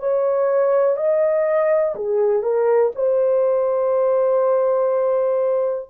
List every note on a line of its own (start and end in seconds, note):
0.00 0.97 C#5
0.97 1.95 D#5
1.96 2.43 G#4
2.43 2.92 A#4
2.96 5.90 C5